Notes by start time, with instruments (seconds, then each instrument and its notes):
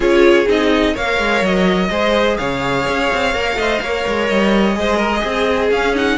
0.00 cello C#4, viola F4, violin G#4 C#5
0.47 cello C4, viola D#4, violin D#5
0.93 cello A#3, viola A#4, violin C#5 F5
1.19 cello G#3
1.41 cello F#3, violin D#5
1.89 cello G#3, viola G#4, violin C5
2.37 cello C#3, violin C#5 F5
2.87 cello C#4
3.12 cello C4
3.33 cello A#3, viola A#4
3.55 cello A3, viola C5, violin D#5
3.81 cello A#3, viola A#4, violin C#5
4.07 cello G#3
4.28 cello G3, violin D#5
4.74 cello G#3, viola G#4, violin C5
4.96 violin A#4
5.21 cello C4, violin G#4
5.70 cello C#4, viola C#4, violin F5
5.94 viola D#4, violin F#5